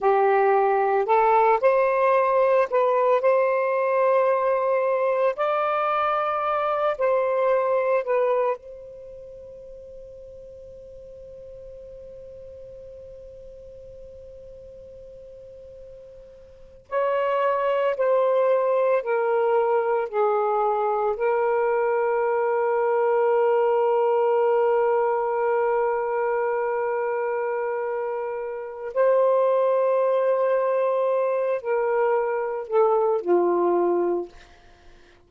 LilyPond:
\new Staff \with { instrumentName = "saxophone" } { \time 4/4 \tempo 4 = 56 g'4 a'8 c''4 b'8 c''4~ | c''4 d''4. c''4 b'8 | c''1~ | c''2.~ c''8. cis''16~ |
cis''8. c''4 ais'4 gis'4 ais'16~ | ais'1~ | ais'2. c''4~ | c''4. ais'4 a'8 f'4 | }